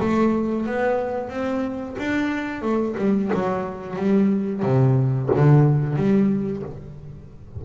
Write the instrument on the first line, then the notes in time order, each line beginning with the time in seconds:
double bass
0.00 A3
0.66 B3
1.29 C4
1.98 D4
2.62 A3
2.97 G3
3.34 F#3
3.96 G3
4.63 C3
5.36 D3
5.96 G3